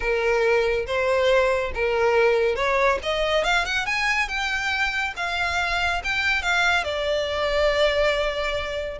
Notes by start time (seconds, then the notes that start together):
0.00 A#4
0.86 C5
1.74 A#4
2.55 C#5
3.02 D#5
3.44 F5
3.65 F#5
3.86 G#5
4.28 G5
5.16 F5
6.04 G5
6.42 F5
6.84 D5